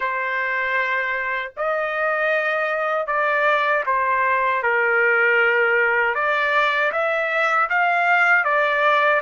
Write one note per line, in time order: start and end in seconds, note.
0.00 1.52 C5
1.56 3.07 D#5
3.07 3.84 D5
3.86 4.63 C5
4.63 6.14 A#4
6.14 6.91 D5
6.92 7.69 E5
7.69 8.44 F5
8.44 9.21 D5